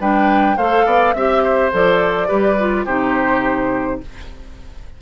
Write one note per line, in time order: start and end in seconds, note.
0.00 0.57 G3
0.00 0.57 D4
0.00 0.57 B4
0.00 0.57 G5
0.57 0.85 A3
0.57 1.16 A4
0.57 0.85 C5
0.57 1.14 F5
0.85 1.14 B3
0.85 1.15 D5
1.14 1.72 C4
1.14 1.72 G4
1.14 1.71 E5
1.14 1.43 E5
1.43 2.28 C5
1.72 2.30 F3
1.72 2.28 A4
1.72 2.86 D5
2.28 2.86 G3
2.28 2.56 G4
2.28 2.85 B4
2.59 2.87 F4
2.85 4.01 C3
2.85 4.02 D#4
2.85 4.00 G4
2.85 4.00 C5